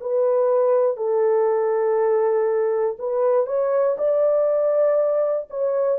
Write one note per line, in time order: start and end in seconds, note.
0.00 0.96 B4
0.96 2.96 A4
2.98 3.46 B4
3.46 3.96 C#5
3.98 5.48 D5
5.50 5.98 C#5